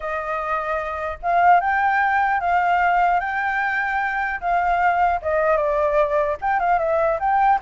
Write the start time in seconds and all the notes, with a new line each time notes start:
0.00 D#5
1.22 F5
1.60 G5
2.40 F5
3.20 G5
4.40 F5
5.21 D#5
5.56 D5
6.41 G5
6.59 F5
6.78 E5
7.19 G5